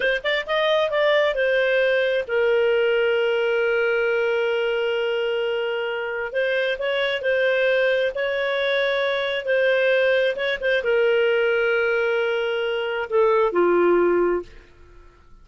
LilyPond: \new Staff \with { instrumentName = "clarinet" } { \time 4/4 \tempo 4 = 133 c''8 d''8 dis''4 d''4 c''4~ | c''4 ais'2.~ | ais'1~ | ais'2 c''4 cis''4 |
c''2 cis''2~ | cis''4 c''2 cis''8 c''8 | ais'1~ | ais'4 a'4 f'2 | }